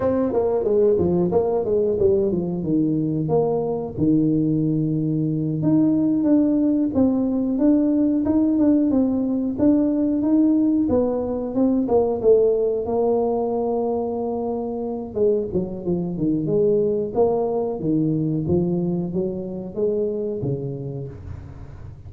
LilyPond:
\new Staff \with { instrumentName = "tuba" } { \time 4/4 \tempo 4 = 91 c'8 ais8 gis8 f8 ais8 gis8 g8 f8 | dis4 ais4 dis2~ | dis8 dis'4 d'4 c'4 d'8~ | d'8 dis'8 d'8 c'4 d'4 dis'8~ |
dis'8 b4 c'8 ais8 a4 ais8~ | ais2. gis8 fis8 | f8 dis8 gis4 ais4 dis4 | f4 fis4 gis4 cis4 | }